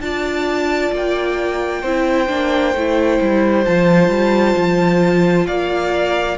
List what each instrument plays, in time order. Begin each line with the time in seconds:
0.00 cello D4, viola F4, violin D5 A5
0.92 cello A#3, violin G5
1.82 cello C4, viola E4, violin C5
2.28 cello A#3, viola D4
2.74 cello A3, viola E4
3.21 cello G3
3.65 cello F3, viola F4, violin A5
4.09 cello G3
4.56 cello F3
5.47 cello A#3, violin D5 F5